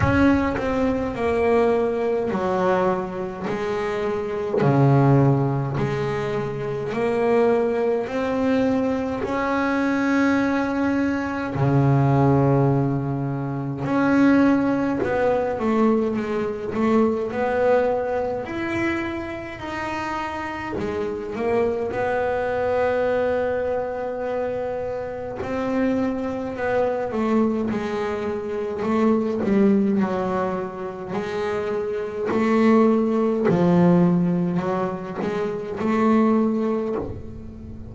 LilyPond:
\new Staff \with { instrumentName = "double bass" } { \time 4/4 \tempo 4 = 52 cis'8 c'8 ais4 fis4 gis4 | cis4 gis4 ais4 c'4 | cis'2 cis2 | cis'4 b8 a8 gis8 a8 b4 |
e'4 dis'4 gis8 ais8 b4~ | b2 c'4 b8 a8 | gis4 a8 g8 fis4 gis4 | a4 f4 fis8 gis8 a4 | }